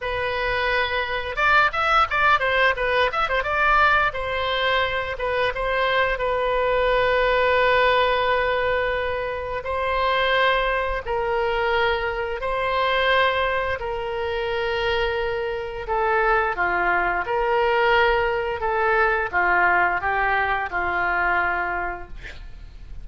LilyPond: \new Staff \with { instrumentName = "oboe" } { \time 4/4 \tempo 4 = 87 b'2 d''8 e''8 d''8 c''8 | b'8 e''16 c''16 d''4 c''4. b'8 | c''4 b'2.~ | b'2 c''2 |
ais'2 c''2 | ais'2. a'4 | f'4 ais'2 a'4 | f'4 g'4 f'2 | }